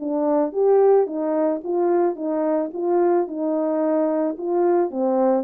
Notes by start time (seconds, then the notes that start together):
0.00 D4
0.53 G4
1.07 D#4
1.64 F4
2.16 D#4
2.73 F4
3.28 D#4
4.38 F4
4.91 C4